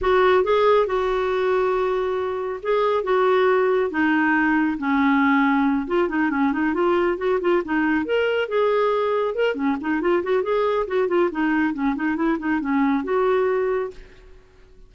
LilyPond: \new Staff \with { instrumentName = "clarinet" } { \time 4/4 \tempo 4 = 138 fis'4 gis'4 fis'2~ | fis'2 gis'4 fis'4~ | fis'4 dis'2 cis'4~ | cis'4. f'8 dis'8 cis'8 dis'8 f'8~ |
f'8 fis'8 f'8 dis'4 ais'4 gis'8~ | gis'4. ais'8 cis'8 dis'8 f'8 fis'8 | gis'4 fis'8 f'8 dis'4 cis'8 dis'8 | e'8 dis'8 cis'4 fis'2 | }